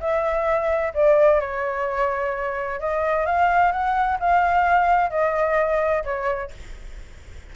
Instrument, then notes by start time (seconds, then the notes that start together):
flute
0.00 E5
0.94 D5
1.40 C#5
2.80 D#5
3.26 F5
3.72 F#5
4.20 F5
5.10 D#5
6.04 C#5